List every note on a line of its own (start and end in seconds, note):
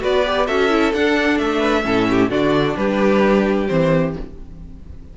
0.00 0.48 B3
0.00 0.23 F#4
0.00 0.46 B4
0.00 0.47 D5
0.25 0.47 G4
0.46 0.93 C#4
0.46 0.70 F#4
0.46 1.59 A4
0.46 0.92 E5
0.70 0.93 E4
0.93 1.39 D4
0.93 1.83 D4
0.93 1.38 F#5
1.38 1.84 A3
1.38 2.30 E5
1.59 1.82 B4
1.83 2.29 A2
1.83 2.29 C#4
1.83 2.09 A4
2.10 2.31 G4
2.29 2.75 D3
2.29 3.67 D4
2.29 2.76 F#4
2.29 2.76 D5
2.76 3.68 G3
2.76 4.17 G4
2.76 3.67 B4
3.67 4.16 E3
3.67 4.14 C4
3.67 4.13 C5